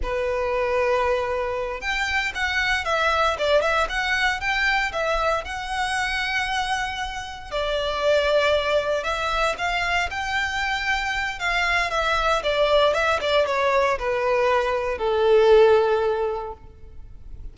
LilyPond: \new Staff \with { instrumentName = "violin" } { \time 4/4 \tempo 4 = 116 b'2.~ b'8 g''8~ | g''8 fis''4 e''4 d''8 e''8 fis''8~ | fis''8 g''4 e''4 fis''4.~ | fis''2~ fis''8 d''4.~ |
d''4. e''4 f''4 g''8~ | g''2 f''4 e''4 | d''4 e''8 d''8 cis''4 b'4~ | b'4 a'2. | }